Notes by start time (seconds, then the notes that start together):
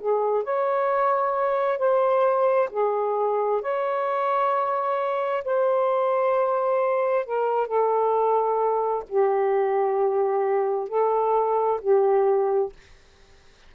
0.00 G#4
0.44 C#5
1.79 C5
2.71 G#4
3.62 C#5
5.45 C5
7.26 A#4
7.68 A4
9.10 G4
10.89 A4
11.82 G4